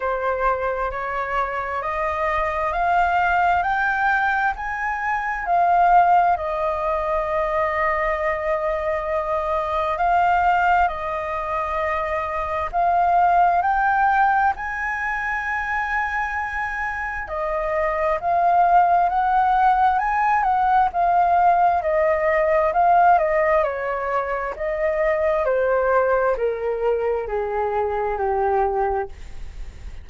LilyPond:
\new Staff \with { instrumentName = "flute" } { \time 4/4 \tempo 4 = 66 c''4 cis''4 dis''4 f''4 | g''4 gis''4 f''4 dis''4~ | dis''2. f''4 | dis''2 f''4 g''4 |
gis''2. dis''4 | f''4 fis''4 gis''8 fis''8 f''4 | dis''4 f''8 dis''8 cis''4 dis''4 | c''4 ais'4 gis'4 g'4 | }